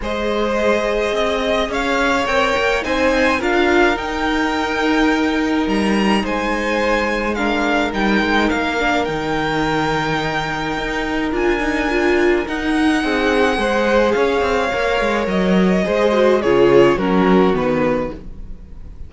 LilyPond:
<<
  \new Staff \with { instrumentName = "violin" } { \time 4/4 \tempo 4 = 106 dis''2. f''4 | g''4 gis''4 f''4 g''4~ | g''2 ais''4 gis''4~ | gis''4 f''4 g''4 f''4 |
g''1 | gis''2 fis''2~ | fis''4 f''2 dis''4~ | dis''4 cis''4 ais'4 b'4 | }
  \new Staff \with { instrumentName = "violin" } { \time 4/4 c''2 dis''4 cis''4~ | cis''4 c''4 ais'2~ | ais'2. c''4~ | c''4 ais'2.~ |
ais'1~ | ais'2. gis'4 | c''4 cis''2. | c''4 gis'4 fis'2 | }
  \new Staff \with { instrumentName = "viola" } { \time 4/4 gis'1 | ais'4 dis'4 f'4 dis'4~ | dis'1~ | dis'4 d'4 dis'4. d'8 |
dis'1 | f'8 dis'8 f'4 dis'2 | gis'2 ais'2 | gis'8 fis'8 f'4 cis'4 b4 | }
  \new Staff \with { instrumentName = "cello" } { \time 4/4 gis2 c'4 cis'4 | c'8 ais8 c'4 d'4 dis'4~ | dis'2 g4 gis4~ | gis2 g8 gis8 ais4 |
dis2. dis'4 | d'2 dis'4 c'4 | gis4 cis'8 c'8 ais8 gis8 fis4 | gis4 cis4 fis4 dis4 | }
>>